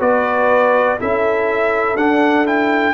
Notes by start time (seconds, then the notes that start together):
0.00 B3 F#4 B4 D5
0.99 C#4 E4 A4 E5
1.96 D4 F#5
2.46 E4 G5